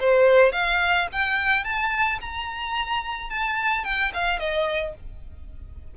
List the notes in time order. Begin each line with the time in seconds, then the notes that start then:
0.00 C5
0.52 F5
1.12 G5
1.64 A5
2.21 A#5
3.30 A5
3.84 G5
4.14 F5
4.39 D#5